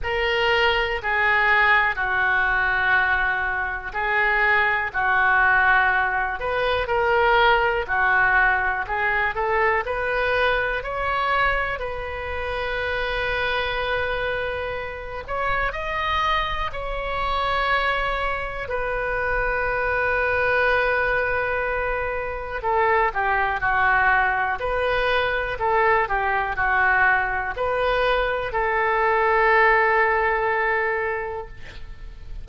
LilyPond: \new Staff \with { instrumentName = "oboe" } { \time 4/4 \tempo 4 = 61 ais'4 gis'4 fis'2 | gis'4 fis'4. b'8 ais'4 | fis'4 gis'8 a'8 b'4 cis''4 | b'2.~ b'8 cis''8 |
dis''4 cis''2 b'4~ | b'2. a'8 g'8 | fis'4 b'4 a'8 g'8 fis'4 | b'4 a'2. | }